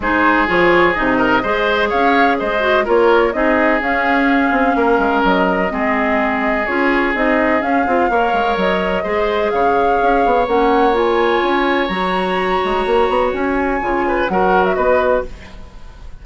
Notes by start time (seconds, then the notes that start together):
0.00 G#3 D#4 G#4 C5
0.46 F3 F4 C#5
0.93 C3 D#4 D#5
1.17 A#4
1.43 G#3 G#4 C5
1.89 C#4 C#5 F5
2.38 G#3 C5 D#5
2.60 F#4
2.84 A#3 F4 A#4 C#5
3.32 C4 D#4 G#4 D#5
3.80 C#4 F5
4.50 C4
4.75 A#3 A#4
4.98 G#3
5.23 F#3 D#5
5.69 G#3 C4 G#4
6.66 C#4 F4 C#5
7.14 C4 D#4 D#5
7.61 C#4 F5
7.86 C4 F4
8.09 A#3 A#4 C#5
8.32 G#3
8.56 F#3 D#5
9.03 G#3 G#4 C5
9.50 C#3 C#5 F5
10.02 C#4
10.25 B3
10.46 A#3 C#4 F#5
10.93 F4 G#5
11.42 C#4
11.87 F#3 F#4 A#5
12.64 G#3
12.86 A#3
13.08 B3
13.33 C#4 G#5
13.81 C#3 F4
14.07 B4
14.28 F#3 F#4 A#4 F#5
14.64 E5
14.75 B3 B4 D#5